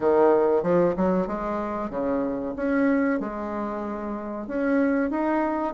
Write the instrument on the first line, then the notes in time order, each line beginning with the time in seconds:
bassoon
0.00 D#3
0.62 F3
0.96 F#3
1.27 G#3
1.90 C#3
2.56 C#4
3.20 G#3
4.47 C#4
5.10 D#4